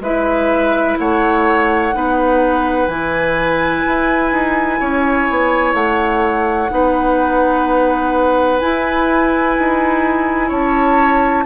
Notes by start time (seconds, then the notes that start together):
0.00 G#3 E4 B4 E5
0.98 A3 C#5 F#5
1.92 B3 D#4 B4
2.87 E3 E4 G#5
3.87 E4
4.32 D#4
4.80 C#4 C#5
5.30 B3
5.74 A3 F#5
6.70 B3 D#4 B4
8.59 E4 G#5
9.58 D#4
10.48 C#4 C#5 A5